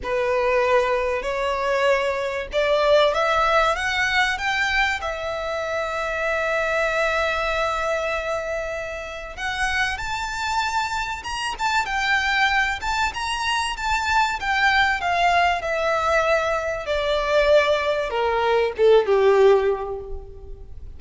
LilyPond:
\new Staff \with { instrumentName = "violin" } { \time 4/4 \tempo 4 = 96 b'2 cis''2 | d''4 e''4 fis''4 g''4 | e''1~ | e''2. fis''4 |
a''2 ais''8 a''8 g''4~ | g''8 a''8 ais''4 a''4 g''4 | f''4 e''2 d''4~ | d''4 ais'4 a'8 g'4. | }